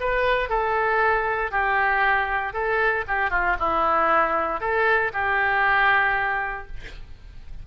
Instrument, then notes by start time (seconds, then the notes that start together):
oboe
0.00 B4
0.49 A4
1.51 G4
2.53 A4
3.08 G4
3.31 F4
3.59 E4
4.60 A4
5.13 G4